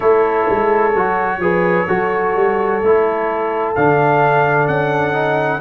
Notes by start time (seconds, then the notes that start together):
0.00 A3 E4 A4 C#5
0.49 G#3
0.94 F#3 F#4
1.38 F3 G#4 B4
1.86 F#3 F#4 A4
2.35 G3
2.81 A3 E4
3.75 D3 D4 F5
4.67 C#4 F#5
5.12 D#4